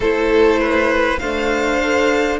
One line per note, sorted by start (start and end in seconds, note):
0.00 1.18 A3
0.00 1.21 E4
0.00 0.59 A4
0.00 1.19 C5
0.59 1.19 B4
1.19 1.81 A3
1.19 2.40 D4
1.19 2.40 C5
1.19 2.39 F5
1.83 2.40 A4